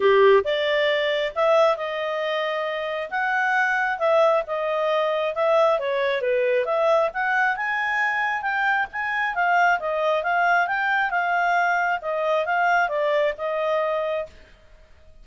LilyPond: \new Staff \with { instrumentName = "clarinet" } { \time 4/4 \tempo 4 = 135 g'4 d''2 e''4 | dis''2. fis''4~ | fis''4 e''4 dis''2 | e''4 cis''4 b'4 e''4 |
fis''4 gis''2 g''4 | gis''4 f''4 dis''4 f''4 | g''4 f''2 dis''4 | f''4 d''4 dis''2 | }